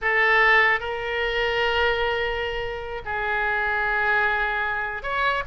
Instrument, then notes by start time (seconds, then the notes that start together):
oboe
0.01 A4
0.80 A#4
3.05 G#4
5.03 C#5